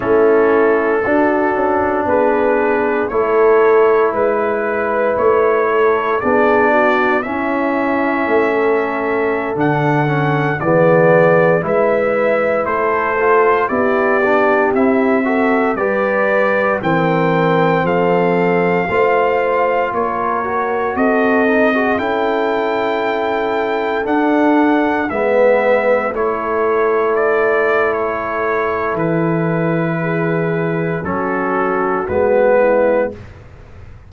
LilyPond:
<<
  \new Staff \with { instrumentName = "trumpet" } { \time 4/4 \tempo 4 = 58 a'2 b'4 cis''4 | b'4 cis''4 d''4 e''4~ | e''4~ e''16 fis''4 d''4 e''8.~ | e''16 c''4 d''4 e''4 d''8.~ |
d''16 g''4 f''2 cis''8.~ | cis''16 dis''4 g''2 fis''8.~ | fis''16 e''4 cis''4 d''8. cis''4 | b'2 a'4 b'4 | }
  \new Staff \with { instrumentName = "horn" } { \time 4/4 e'4 fis'4 gis'4 a'4 | b'4. a'8 gis'8 fis'8 e'4~ | e'16 a'2 gis'4 b'8.~ | b'16 a'4 g'4. a'8 b'8.~ |
b'16 ais'4 a'4 c''4 ais'8.~ | ais'16 a'8. gis'16 a'2~ a'8.~ | a'16 b'4 a'2~ a'8.~ | a'4 gis'4 fis'4. e'8 | }
  \new Staff \with { instrumentName = "trombone" } { \time 4/4 cis'4 d'2 e'4~ | e'2 d'4 cis'4~ | cis'4~ cis'16 d'8 cis'8 b4 e'8.~ | e'8. f'8 e'8 d'8 e'8 fis'8 g'8.~ |
g'16 c'2 f'4. fis'16~ | fis'8. dis'16 fis'16 e'2 d'8.~ | d'16 b4 e'2~ e'8.~ | e'2 cis'4 b4 | }
  \new Staff \with { instrumentName = "tuba" } { \time 4/4 a4 d'8 cis'8 b4 a4 | gis4 a4 b4 cis'4 | a4~ a16 d4 e4 gis8.~ | gis16 a4 b4 c'4 g8.~ |
g16 e4 f4 a4 ais8.~ | ais16 c'4 cis'2 d'8.~ | d'16 gis4 a2~ a8. | e2 fis4 gis4 | }
>>